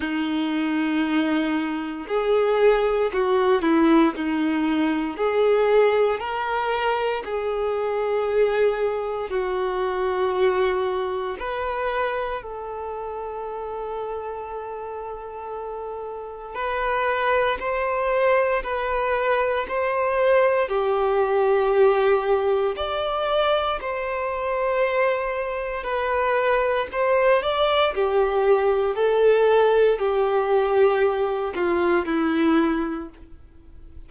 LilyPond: \new Staff \with { instrumentName = "violin" } { \time 4/4 \tempo 4 = 58 dis'2 gis'4 fis'8 e'8 | dis'4 gis'4 ais'4 gis'4~ | gis'4 fis'2 b'4 | a'1 |
b'4 c''4 b'4 c''4 | g'2 d''4 c''4~ | c''4 b'4 c''8 d''8 g'4 | a'4 g'4. f'8 e'4 | }